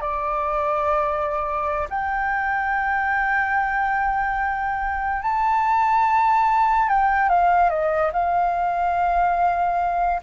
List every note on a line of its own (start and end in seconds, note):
0.00 1.87 D5
1.89 5.22 G5
5.22 6.88 A5
6.88 7.29 G5
7.29 7.69 F5
7.69 8.11 D#5
8.12 10.21 F5